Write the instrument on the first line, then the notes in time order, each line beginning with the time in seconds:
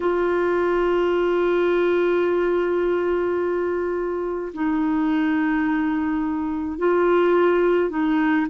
clarinet
0.00 F4
4.53 D#4
6.78 F4
7.89 D#4